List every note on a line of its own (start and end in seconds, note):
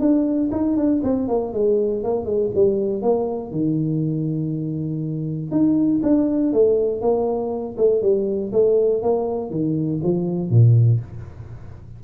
0.00 0.50 D4
0.52 0.77 D#4
0.77 1.02 D4
1.03 1.28 C4
1.28 1.53 A#3
1.53 2.03 G#3
2.03 2.25 A#3
2.25 2.50 G#3
2.55 3.02 G3
3.02 3.51 A#3
3.51 5.51 D#3
5.51 6.01 D#4
6.03 6.53 D4
6.53 7.01 A3
7.01 7.76 A#3
7.78 8.02 A3
8.02 8.52 G3
8.53 9.03 A3
9.03 9.50 A#3
9.50 10.00 D#3
10.03 10.50 F3
10.50 11.00 A#2